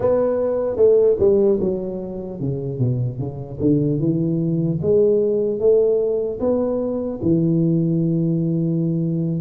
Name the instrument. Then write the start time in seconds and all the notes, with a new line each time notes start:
tuba
0.00 B3
0.76 A3
1.19 G3
1.60 F#3
2.40 C#3
2.78 B2
3.19 C#3
3.60 D3
3.99 E3
4.81 G#3
5.59 A3
6.40 B3
7.22 E3